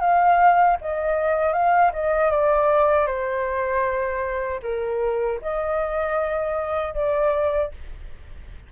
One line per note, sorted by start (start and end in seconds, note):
0.00 0.77 F5
0.81 1.53 D#5
1.53 1.92 F5
1.93 2.31 D#5
2.31 3.07 D5
3.07 4.60 C5
4.63 5.40 A#4
5.42 6.94 D#5
6.94 7.71 D5